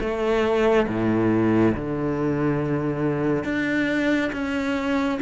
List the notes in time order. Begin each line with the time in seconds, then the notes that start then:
0.00 A3
0.88 A2
1.75 D3
3.44 D4
4.33 C#4